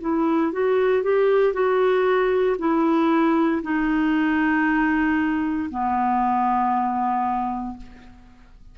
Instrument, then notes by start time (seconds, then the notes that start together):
clarinet
0.00 E4
0.52 F#4
1.03 G4
1.53 F#4
2.58 E4
3.62 D#4
5.70 B3